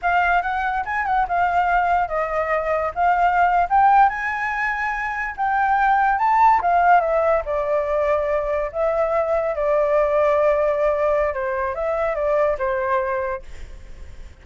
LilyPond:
\new Staff \with { instrumentName = "flute" } { \time 4/4 \tempo 4 = 143 f''4 fis''4 gis''8 fis''8 f''4~ | f''4 dis''2 f''4~ | f''8. g''4 gis''2~ gis''16~ | gis''8. g''2 a''4 f''16~ |
f''8. e''4 d''2~ d''16~ | d''8. e''2 d''4~ d''16~ | d''2. c''4 | e''4 d''4 c''2 | }